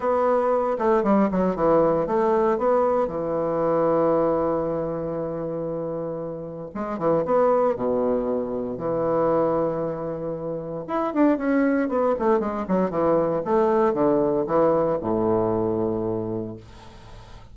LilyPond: \new Staff \with { instrumentName = "bassoon" } { \time 4/4 \tempo 4 = 116 b4. a8 g8 fis8 e4 | a4 b4 e2~ | e1~ | e4 gis8 e8 b4 b,4~ |
b,4 e2.~ | e4 e'8 d'8 cis'4 b8 a8 | gis8 fis8 e4 a4 d4 | e4 a,2. | }